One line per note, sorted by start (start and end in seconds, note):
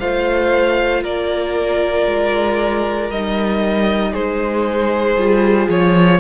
0.00 1.04 A3
0.00 3.11 F4
0.00 1.03 C5
0.00 1.03 F5
1.03 2.06 A#3
1.03 4.12 A#4
1.03 3.11 D5
2.06 3.10 G#3
3.10 4.13 G3
3.10 5.18 D#4
3.10 4.14 D#5
4.12 5.16 G#3
4.12 6.19 G#4
4.12 5.69 C5
5.16 5.68 G3
5.16 6.20 F4
5.69 6.20 F3
5.69 6.20 C#5